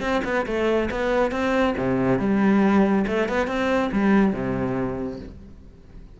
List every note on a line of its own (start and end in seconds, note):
0.00 0.22 C4
0.24 0.46 B3
0.46 0.89 A3
0.90 1.31 B3
1.31 1.75 C4
1.77 2.19 C3
2.19 3.05 G3
3.07 3.28 A3
3.28 3.47 B3
3.47 3.90 C4
3.92 4.33 G3
4.33 5.19 C3